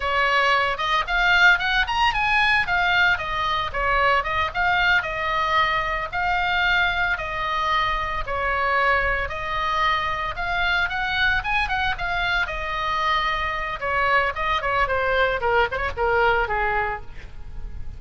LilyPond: \new Staff \with { instrumentName = "oboe" } { \time 4/4 \tempo 4 = 113 cis''4. dis''8 f''4 fis''8 ais''8 | gis''4 f''4 dis''4 cis''4 | dis''8 f''4 dis''2 f''8~ | f''4. dis''2 cis''8~ |
cis''4. dis''2 f''8~ | f''8 fis''4 gis''8 fis''8 f''4 dis''8~ | dis''2 cis''4 dis''8 cis''8 | c''4 ais'8 c''16 cis''16 ais'4 gis'4 | }